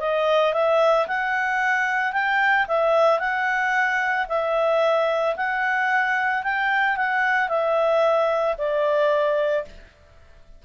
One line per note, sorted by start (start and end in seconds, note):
0.00 0.54 D#5
0.54 1.07 E5
1.07 2.13 F#5
2.13 2.66 G5
2.68 3.19 E5
3.19 4.27 F#5
4.29 5.36 E5
5.36 6.43 F#5
6.43 6.97 G5
6.97 7.49 F#5
7.49 8.56 E5
8.58 9.65 D5